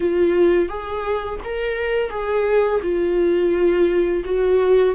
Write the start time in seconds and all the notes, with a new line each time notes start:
0.00 F4
0.68 G#4
1.43 A#4
2.10 G#4
2.82 F4
4.24 F#4